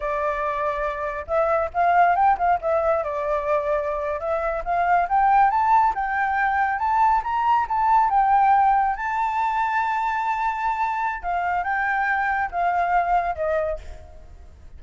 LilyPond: \new Staff \with { instrumentName = "flute" } { \time 4/4 \tempo 4 = 139 d''2. e''4 | f''4 g''8 f''8 e''4 d''4~ | d''4.~ d''16 e''4 f''4 g''16~ | g''8. a''4 g''2 a''16~ |
a''8. ais''4 a''4 g''4~ g''16~ | g''8. a''2.~ a''16~ | a''2 f''4 g''4~ | g''4 f''2 dis''4 | }